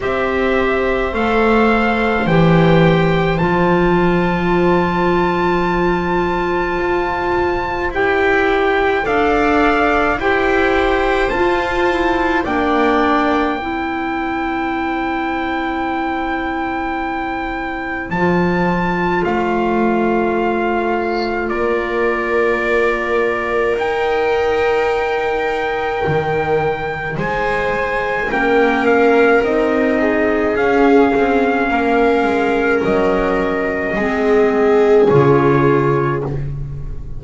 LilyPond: <<
  \new Staff \with { instrumentName = "trumpet" } { \time 4/4 \tempo 4 = 53 e''4 f''4 g''4 a''4~ | a''2. g''4 | f''4 g''4 a''4 g''4~ | g''1 |
a''4 f''2 d''4~ | d''4 g''2. | gis''4 g''8 f''8 dis''4 f''4~ | f''4 dis''2 cis''4 | }
  \new Staff \with { instrumentName = "viola" } { \time 4/4 c''1~ | c''1 | d''4 c''2 d''4 | c''1~ |
c''2. ais'4~ | ais'1 | c''4 ais'4. gis'4. | ais'2 gis'2 | }
  \new Staff \with { instrumentName = "clarinet" } { \time 4/4 g'4 a'4 g'4 f'4~ | f'2. g'4 | a'4 g'4 f'8 e'8 d'4 | e'1 |
f'1~ | f'4 dis'2.~ | dis'4 cis'4 dis'4 cis'4~ | cis'2 c'4 f'4 | }
  \new Staff \with { instrumentName = "double bass" } { \time 4/4 c'4 a4 e4 f4~ | f2 f'4 e'4 | d'4 e'4 f'4 ais4 | c'1 |
f4 a2 ais4~ | ais4 dis'2 dis4 | gis4 ais4 c'4 cis'8 c'8 | ais8 gis8 fis4 gis4 cis4 | }
>>